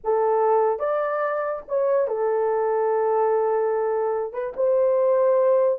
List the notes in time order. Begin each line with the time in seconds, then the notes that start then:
0.04 A4
0.79 D5
1.68 C#5
2.07 A4
4.33 B4
4.56 C5